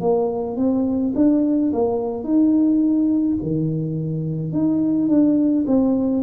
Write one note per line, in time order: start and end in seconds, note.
0.00 0.57 A#3
0.57 1.13 C4
1.15 1.71 D4
1.72 2.23 A#3
2.23 3.37 D#4
3.42 4.52 D#3
4.52 5.08 D#4
5.08 5.64 D4
5.67 6.22 C4